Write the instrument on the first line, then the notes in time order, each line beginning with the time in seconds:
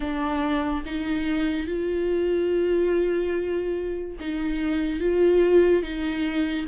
viola
0.00 D4
0.85 D#4
1.66 F4
4.20 D#4
5.00 F4
5.83 D#4